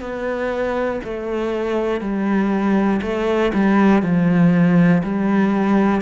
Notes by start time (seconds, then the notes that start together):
0.00 B3
1.04 A3
2.00 G3
3.02 A3
3.54 G3
4.02 F3
5.03 G3